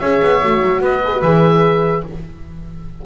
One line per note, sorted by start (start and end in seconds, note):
0.00 0.22 C#4
0.00 0.42 G#4
0.00 0.82 C#5
0.00 0.82 E5
0.23 0.43 B3
0.42 0.63 A3
0.42 1.03 F#4
0.63 0.81 F#3
0.81 1.22 B3
0.81 2.04 B4
0.81 1.22 D#5
1.05 1.14 G#4
1.14 1.24 F#4
1.22 2.04 E3
1.22 2.06 G#4
1.22 2.03 E5